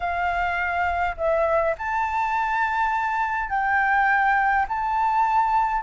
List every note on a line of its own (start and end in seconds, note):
0.00 1.15 F5
1.17 1.75 E5
1.77 3.49 A5
3.49 4.66 G5
4.68 5.82 A5